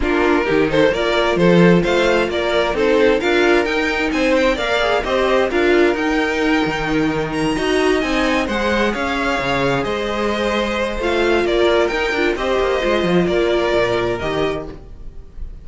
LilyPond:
<<
  \new Staff \with { instrumentName = "violin" } { \time 4/4 \tempo 4 = 131 ais'4. c''8 d''4 c''4 | f''4 d''4 c''4 f''4 | g''4 gis''8 g''8 f''4 dis''4 | f''4 g''2. |
ais''4. gis''4 fis''4 f''8~ | f''4. dis''2~ dis''8 | f''4 d''4 g''4 dis''4~ | dis''4 d''2 dis''4 | }
  \new Staff \with { instrumentName = "violin" } { \time 4/4 f'4 g'8 a'8 ais'4 a'4 | c''4 ais'4 a'4 ais'4~ | ais'4 c''4 d''4 c''4 | ais'1~ |
ais'8 dis''2 c''4 cis''8~ | cis''4. c''2~ c''8~ | c''4 ais'2 c''4~ | c''4 ais'2. | }
  \new Staff \with { instrumentName = "viola" } { \time 4/4 d'4 dis'4 f'2~ | f'2 dis'4 f'4 | dis'2 ais'8 gis'8 g'4 | f'4 dis'2.~ |
dis'8 fis'4 dis'4 gis'4.~ | gis'1 | f'2 dis'8 f'8 g'4 | f'2. g'4 | }
  \new Staff \with { instrumentName = "cello" } { \time 4/4 ais4 dis4 ais4 f4 | a4 ais4 c'4 d'4 | dis'4 c'4 ais4 c'4 | d'4 dis'4. dis4.~ |
dis8 dis'4 c'4 gis4 cis'8~ | cis'8 cis4 gis2~ gis8 | a4 ais4 dis'8 d'8 c'8 ais8 | gis8 f8 ais4 ais,4 dis4 | }
>>